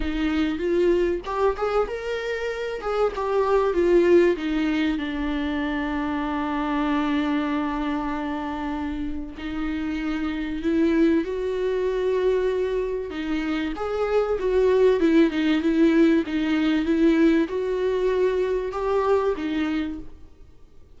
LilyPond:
\new Staff \with { instrumentName = "viola" } { \time 4/4 \tempo 4 = 96 dis'4 f'4 g'8 gis'8 ais'4~ | ais'8 gis'8 g'4 f'4 dis'4 | d'1~ | d'2. dis'4~ |
dis'4 e'4 fis'2~ | fis'4 dis'4 gis'4 fis'4 | e'8 dis'8 e'4 dis'4 e'4 | fis'2 g'4 dis'4 | }